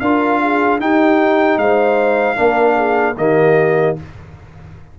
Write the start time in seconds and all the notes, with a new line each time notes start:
0.00 D4 F4 A#4 F5
0.41 G#4
0.79 D#4 G4 G5
1.57 G#3 C5 F5
2.36 A#3 D4 A#4
2.76 G#4
3.17 D#3 A#3 G4 D#5